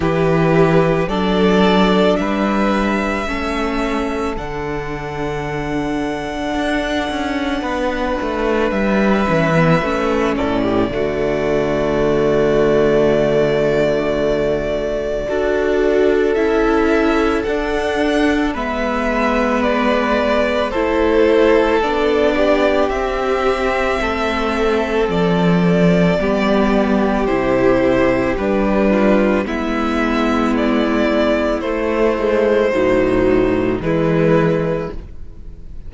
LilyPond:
<<
  \new Staff \with { instrumentName = "violin" } { \time 4/4 \tempo 4 = 55 b'4 d''4 e''2 | fis''1 | e''4. d''2~ d''8~ | d''2. e''4 |
fis''4 e''4 d''4 c''4 | d''4 e''2 d''4~ | d''4 c''4 b'4 e''4 | d''4 c''2 b'4 | }
  \new Staff \with { instrumentName = "violin" } { \time 4/4 g'4 a'4 b'4 a'4~ | a'2. b'4~ | b'4. a'16 g'16 fis'2~ | fis'2 a'2~ |
a'4 b'2 a'4~ | a'8 g'4. a'2 | g'2~ g'8 f'8 e'4~ | e'2 dis'4 e'4 | }
  \new Staff \with { instrumentName = "viola" } { \time 4/4 e'4 d'2 cis'4 | d'1~ | d'8 cis'16 b16 cis'4 a2~ | a2 fis'4 e'4 |
d'4 b2 e'4 | d'4 c'2. | b4 e'4 d'4 b4~ | b4 a8 gis8 fis4 gis4 | }
  \new Staff \with { instrumentName = "cello" } { \time 4/4 e4 fis4 g4 a4 | d2 d'8 cis'8 b8 a8 | g8 e8 a8 a,8 d2~ | d2 d'4 cis'4 |
d'4 gis2 a4 | b4 c'4 a4 f4 | g4 c4 g4 gis4~ | gis4 a4 a,4 e4 | }
>>